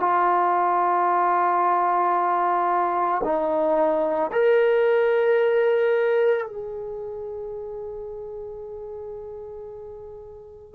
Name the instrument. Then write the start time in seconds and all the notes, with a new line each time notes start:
trombone
0.00 F4
3.24 D#4
4.32 A#4
6.46 G#4